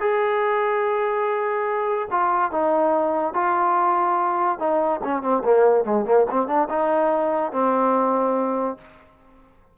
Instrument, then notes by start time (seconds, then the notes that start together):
trombone
0.00 G#4
2.11 F4
2.51 D#4
3.34 F4
4.59 D#4
5.03 C#4
5.22 C4
5.44 A#3
5.84 G#3
6.05 A#3
6.30 C4
6.47 D4
6.69 D#4
7.52 C4